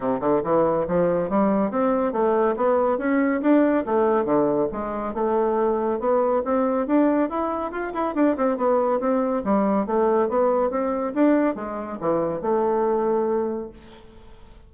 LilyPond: \new Staff \with { instrumentName = "bassoon" } { \time 4/4 \tempo 4 = 140 c8 d8 e4 f4 g4 | c'4 a4 b4 cis'4 | d'4 a4 d4 gis4 | a2 b4 c'4 |
d'4 e'4 f'8 e'8 d'8 c'8 | b4 c'4 g4 a4 | b4 c'4 d'4 gis4 | e4 a2. | }